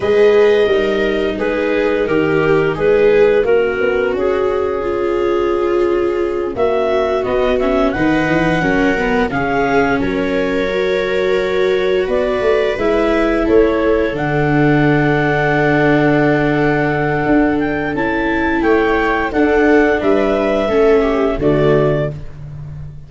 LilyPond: <<
  \new Staff \with { instrumentName = "clarinet" } { \time 4/4 \tempo 4 = 87 dis''2 b'4 ais'4 | b'4 ais'4 gis'2~ | gis'4. e''4 dis''8 e''8 fis''8~ | fis''4. f''4 cis''4.~ |
cis''4. d''4 e''4 cis''8~ | cis''8 fis''2.~ fis''8~ | fis''4. g''8 a''4 g''4 | fis''4 e''2 d''4 | }
  \new Staff \with { instrumentName = "viola" } { \time 4/4 b'4 ais'4 gis'4 g'4 | gis'4 fis'2 f'4~ | f'4. fis'2 b'8~ | b'8 ais'4 gis'4 ais'4.~ |
ais'4. b'2 a'8~ | a'1~ | a'2. cis''4 | a'4 b'4 a'8 g'8 fis'4 | }
  \new Staff \with { instrumentName = "viola" } { \time 4/4 gis'4 dis'2.~ | dis'4 cis'2.~ | cis'2~ cis'8 b8 cis'8 dis'8~ | dis'8 cis'8 b8 cis'2 fis'8~ |
fis'2~ fis'8 e'4.~ | e'8 d'2.~ d'8~ | d'2 e'2 | d'2 cis'4 a4 | }
  \new Staff \with { instrumentName = "tuba" } { \time 4/4 gis4 g4 gis4 dis4 | gis4 ais8 b8 cis'2~ | cis'4. ais4 b4 dis8 | e8 fis4 cis4 fis4.~ |
fis4. b8 a8 gis4 a8~ | a8 d2.~ d8~ | d4 d'4 cis'4 a4 | d'4 g4 a4 d4 | }
>>